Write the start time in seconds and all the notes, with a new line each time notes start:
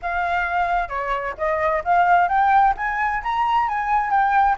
0.01 F5
0.88 C#5
1.37 D#5
1.84 F5
2.28 G5
2.76 G#5
3.23 A#5
3.68 G#5
4.10 G5